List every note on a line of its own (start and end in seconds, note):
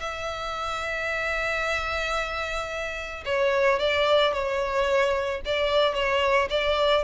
0.00 3.24 E5
3.26 3.80 C#5
3.80 4.33 D5
4.33 5.42 C#5
5.45 5.94 D5
5.94 6.48 C#5
6.50 7.04 D5